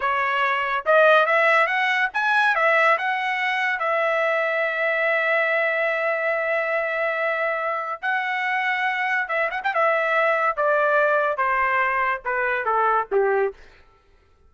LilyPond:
\new Staff \with { instrumentName = "trumpet" } { \time 4/4 \tempo 4 = 142 cis''2 dis''4 e''4 | fis''4 gis''4 e''4 fis''4~ | fis''4 e''2.~ | e''1~ |
e''2. fis''4~ | fis''2 e''8 fis''16 g''16 e''4~ | e''4 d''2 c''4~ | c''4 b'4 a'4 g'4 | }